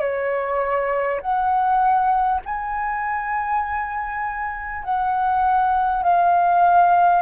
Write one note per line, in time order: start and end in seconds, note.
0.00 1.20 C#5
1.21 2.41 F#5
2.45 4.84 G#5
4.84 6.03 F#5
6.03 7.22 F5